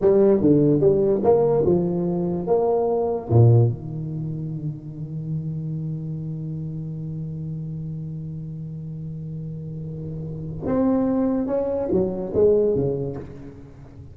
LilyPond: \new Staff \with { instrumentName = "tuba" } { \time 4/4 \tempo 4 = 146 g4 d4 g4 ais4 | f2 ais2 | ais,4 dis2.~ | dis1~ |
dis1~ | dis1~ | dis2 c'2 | cis'4 fis4 gis4 cis4 | }